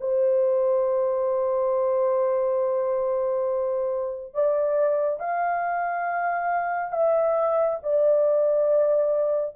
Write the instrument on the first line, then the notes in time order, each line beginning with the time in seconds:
horn
0.00 C5
4.34 D5
5.19 F5
6.92 E5
7.83 D5